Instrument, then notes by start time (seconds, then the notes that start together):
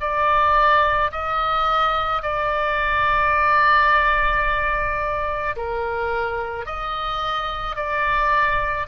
oboe
0.00 D5
1.12 D#5
2.22 D5
5.56 A#4
6.66 D#5
7.76 D5